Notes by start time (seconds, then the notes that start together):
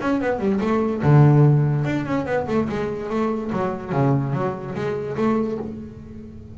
0.00 C#4
0.21 B3
0.39 G3
0.60 A3
1.02 D3
1.85 D4
2.05 C#4
2.26 B3
2.47 A3
2.69 G#3
3.09 A3
3.52 F#3
3.92 C#3
4.33 F#3
4.74 G#3
5.16 A3